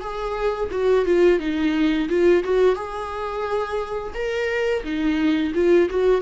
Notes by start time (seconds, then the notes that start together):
0.00 G#4
0.71 F#4
1.05 F4
1.39 D#4
2.09 F4
2.44 F#4
2.75 G#4
4.14 A#4
4.83 D#4
5.54 F4
5.89 F#4